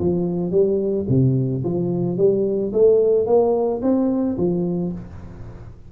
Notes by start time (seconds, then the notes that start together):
0.00 F3
0.52 G3
1.09 C3
1.64 F3
2.18 G3
2.73 A3
3.27 A#3
3.83 C4
4.38 F3